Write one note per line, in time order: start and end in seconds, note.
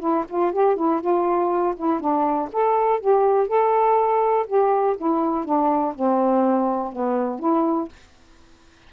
0.00 0.25 E4
0.29 0.53 F4
0.53 0.76 G4
0.76 1.01 E4
1.01 1.75 F4
1.77 2.00 E4
2.00 2.49 D4
2.53 3.00 A4
3.00 3.48 G4
3.48 4.46 A4
4.47 4.96 G4
4.97 5.45 E4
5.45 5.94 D4
5.95 6.93 C4
6.93 7.40 B3
7.40 7.89 E4